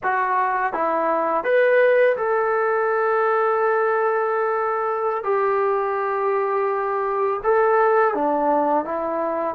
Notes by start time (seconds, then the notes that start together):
0.03 F#4
0.73 E4
1.44 B4
2.17 A4
5.23 G4
7.43 A4
8.14 D4
8.85 E4